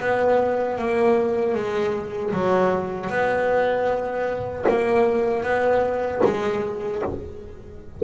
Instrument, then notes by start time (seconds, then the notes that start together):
double bass
0.00 B3
0.78 A#3
1.54 G#3
2.33 F#3
3.10 B3
4.69 A#3
5.43 B3
6.24 G#3